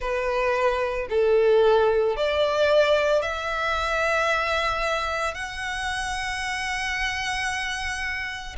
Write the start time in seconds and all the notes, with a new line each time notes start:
0.00 B4
1.10 A4
2.16 D5
3.21 E5
5.34 F#5